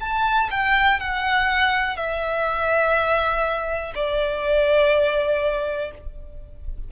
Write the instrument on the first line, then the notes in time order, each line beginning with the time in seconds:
violin
0.00 A5
0.50 G5
0.99 F#5
1.96 E5
3.94 D5